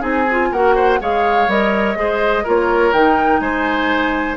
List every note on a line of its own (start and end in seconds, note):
0.00 0.50 C4
0.00 0.24 D#4
0.00 0.49 G#4
0.00 0.52 G#5
0.31 0.54 F4
0.52 1.00 A#3
0.52 0.99 F#4
0.52 0.75 A#4
0.52 1.01 F#5
0.75 0.99 C5
0.99 1.48 G#3
0.99 1.48 G#4
0.99 1.98 C#5
0.99 1.50 F5
1.48 1.95 G3
1.48 1.96 A#4
1.48 2.47 D#5
1.95 2.44 G#3
1.95 2.44 G#4
1.95 2.44 C5
2.44 2.93 A#3
2.44 2.94 F4
2.44 3.41 A#4
2.44 2.93 C#5
2.93 3.40 D#3
2.93 4.37 D#4
2.93 3.40 G5
3.40 4.37 G#3
3.40 4.37 C5
3.40 4.36 G#5